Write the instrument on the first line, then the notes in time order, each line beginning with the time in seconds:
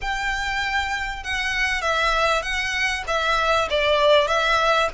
violin
0.01 G5
1.23 F#5
1.81 E5
2.42 F#5
3.07 E5
3.70 D5
4.27 E5